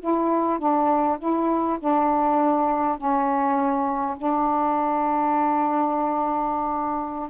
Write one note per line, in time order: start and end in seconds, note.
0.00 0.59 E4
0.59 1.18 D4
1.19 1.78 E4
1.80 2.98 D4
2.98 4.17 C#4
4.17 7.29 D4